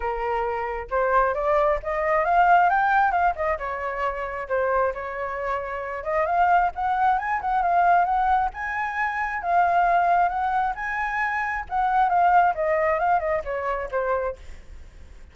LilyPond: \new Staff \with { instrumentName = "flute" } { \time 4/4 \tempo 4 = 134 ais'2 c''4 d''4 | dis''4 f''4 g''4 f''8 dis''8 | cis''2 c''4 cis''4~ | cis''4. dis''8 f''4 fis''4 |
gis''8 fis''8 f''4 fis''4 gis''4~ | gis''4 f''2 fis''4 | gis''2 fis''4 f''4 | dis''4 f''8 dis''8 cis''4 c''4 | }